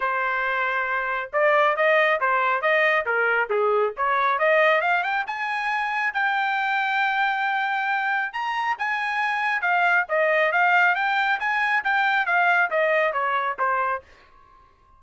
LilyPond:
\new Staff \with { instrumentName = "trumpet" } { \time 4/4 \tempo 4 = 137 c''2. d''4 | dis''4 c''4 dis''4 ais'4 | gis'4 cis''4 dis''4 f''8 g''8 | gis''2 g''2~ |
g''2. ais''4 | gis''2 f''4 dis''4 | f''4 g''4 gis''4 g''4 | f''4 dis''4 cis''4 c''4 | }